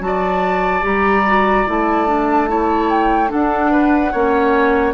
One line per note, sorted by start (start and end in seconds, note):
0.00 0.83 F#3
0.00 0.81 F#4
0.00 0.84 A5
0.07 2.50 D5
0.81 1.66 G3
0.81 1.22 G4
0.81 1.69 A#5
1.27 1.67 F#4
1.67 3.32 A3
1.67 2.07 E4
1.67 2.90 A5
2.07 2.48 D4
2.48 3.29 E4
2.48 3.31 C#5
2.90 3.31 G5
3.29 4.11 D4
3.29 4.14 D4
3.29 3.71 A4
3.29 4.94 F#5
3.71 4.12 B4
4.12 4.94 A#3
4.12 4.94 C#4
4.12 4.94 C#5